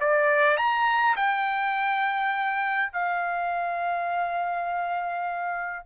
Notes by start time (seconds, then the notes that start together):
0.00 D5
0.57 A#5
1.16 G5
2.93 F5